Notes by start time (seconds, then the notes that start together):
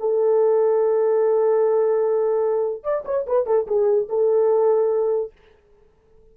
0.00 A4
2.84 D5
3.05 C#5
3.27 B4
3.47 A4
3.67 G#4
4.09 A4